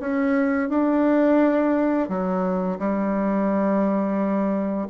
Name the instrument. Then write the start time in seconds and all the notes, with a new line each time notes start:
bassoon
0.00 C#4
0.69 D4
2.09 F#3
2.79 G3